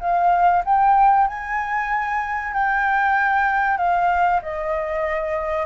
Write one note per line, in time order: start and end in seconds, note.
0.00 0.63 F5
0.65 1.27 G5
1.27 2.53 G#5
2.53 3.78 G5
3.78 4.41 F5
4.42 5.66 D#5